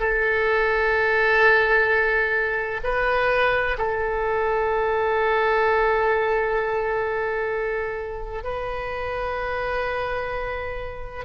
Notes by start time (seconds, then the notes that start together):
0.00 A4
2.84 B4
3.78 A4
8.44 B4